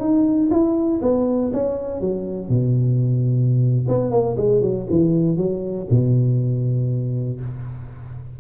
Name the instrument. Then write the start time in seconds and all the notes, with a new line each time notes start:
tuba
0.00 D#4
0.51 E4
1.02 B3
1.53 C#4
2.01 F#3
2.50 B2
3.89 B3
4.11 A#3
4.38 G#3
4.62 F#3
4.90 E3
5.37 F#3
5.91 B2